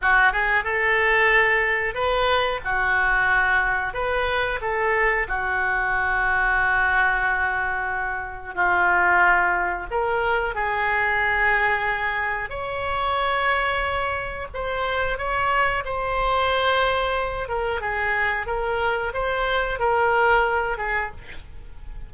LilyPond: \new Staff \with { instrumentName = "oboe" } { \time 4/4 \tempo 4 = 91 fis'8 gis'8 a'2 b'4 | fis'2 b'4 a'4 | fis'1~ | fis'4 f'2 ais'4 |
gis'2. cis''4~ | cis''2 c''4 cis''4 | c''2~ c''8 ais'8 gis'4 | ais'4 c''4 ais'4. gis'8 | }